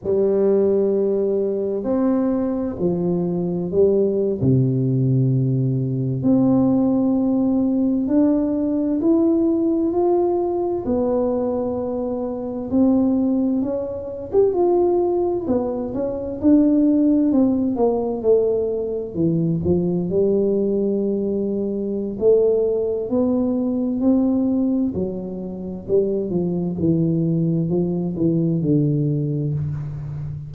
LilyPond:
\new Staff \with { instrumentName = "tuba" } { \time 4/4 \tempo 4 = 65 g2 c'4 f4 | g8. c2 c'4~ c'16~ | c'8. d'4 e'4 f'4 b16~ | b4.~ b16 c'4 cis'8. g'16 f'16~ |
f'8. b8 cis'8 d'4 c'8 ais8 a16~ | a8. e8 f8 g2~ g16 | a4 b4 c'4 fis4 | g8 f8 e4 f8 e8 d4 | }